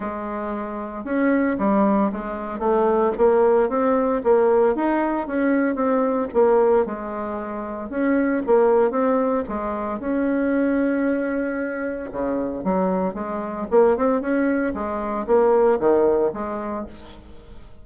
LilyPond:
\new Staff \with { instrumentName = "bassoon" } { \time 4/4 \tempo 4 = 114 gis2 cis'4 g4 | gis4 a4 ais4 c'4 | ais4 dis'4 cis'4 c'4 | ais4 gis2 cis'4 |
ais4 c'4 gis4 cis'4~ | cis'2. cis4 | fis4 gis4 ais8 c'8 cis'4 | gis4 ais4 dis4 gis4 | }